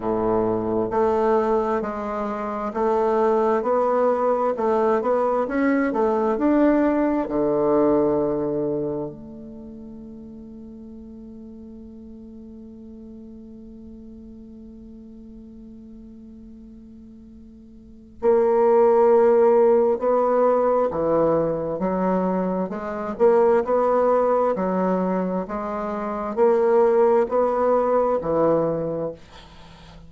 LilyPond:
\new Staff \with { instrumentName = "bassoon" } { \time 4/4 \tempo 4 = 66 a,4 a4 gis4 a4 | b4 a8 b8 cis'8 a8 d'4 | d2 a2~ | a1~ |
a1 | ais2 b4 e4 | fis4 gis8 ais8 b4 fis4 | gis4 ais4 b4 e4 | }